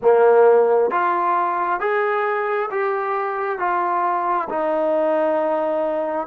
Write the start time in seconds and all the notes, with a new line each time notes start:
0.02 A#3
0.90 F4
1.80 G#4
2.70 G4
3.59 F4
4.49 D#4